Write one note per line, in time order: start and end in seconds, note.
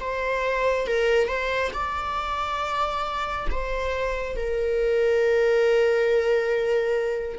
0.00 0.87 C5
0.87 1.28 A#4
1.28 1.72 C5
1.74 3.47 D5
3.51 4.36 C5
4.36 7.39 A#4